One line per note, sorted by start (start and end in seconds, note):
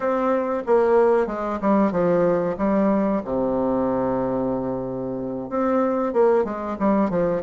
0.00 0.63 C4
0.66 1.26 A#3
1.26 1.59 G#3
1.61 1.91 G3
1.91 2.56 F3
2.57 3.22 G3
3.24 5.49 C3
5.49 6.13 C4
6.13 6.44 A#3
6.44 6.76 G#3
6.79 7.10 G3
7.10 7.42 F3